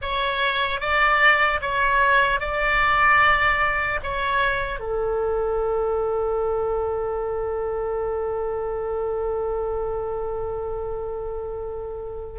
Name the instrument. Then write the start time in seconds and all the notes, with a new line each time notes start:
oboe
0.01 C#5
0.80 D5
1.61 C#5
2.40 D5
4.03 C#5
4.79 A4